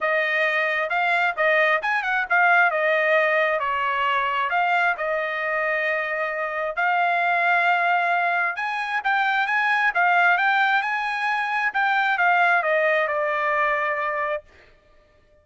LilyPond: \new Staff \with { instrumentName = "trumpet" } { \time 4/4 \tempo 4 = 133 dis''2 f''4 dis''4 | gis''8 fis''8 f''4 dis''2 | cis''2 f''4 dis''4~ | dis''2. f''4~ |
f''2. gis''4 | g''4 gis''4 f''4 g''4 | gis''2 g''4 f''4 | dis''4 d''2. | }